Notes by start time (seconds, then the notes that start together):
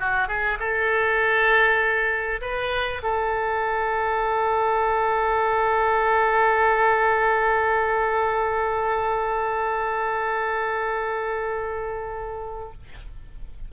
0.00 F#4
0.28 G#4
0.60 A4
2.42 B4
3.03 A4